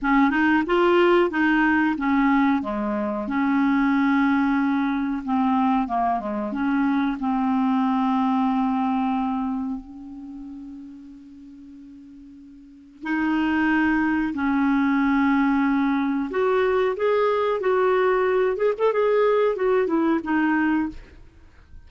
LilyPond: \new Staff \with { instrumentName = "clarinet" } { \time 4/4 \tempo 4 = 92 cis'8 dis'8 f'4 dis'4 cis'4 | gis4 cis'2. | c'4 ais8 gis8 cis'4 c'4~ | c'2. cis'4~ |
cis'1 | dis'2 cis'2~ | cis'4 fis'4 gis'4 fis'4~ | fis'8 gis'16 a'16 gis'4 fis'8 e'8 dis'4 | }